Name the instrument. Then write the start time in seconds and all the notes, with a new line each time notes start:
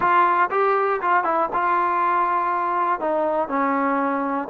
trombone
0.00 F4
0.50 G4
1.01 F4
1.24 E4
1.53 F4
3.00 D#4
3.48 C#4